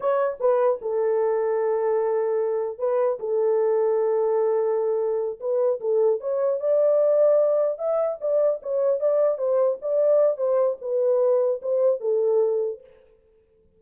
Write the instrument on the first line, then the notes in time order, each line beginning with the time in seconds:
horn
0.00 C#5
0.40 B4
0.81 A4
2.78 B4
3.19 A4
5.40 B4
5.80 A4
6.20 C#5
6.59 D5
7.78 E5
8.20 D5
8.62 C#5
9.00 D5
9.38 C5
9.81 D5
10.37 C5
10.81 B4
11.61 C5
12.00 A4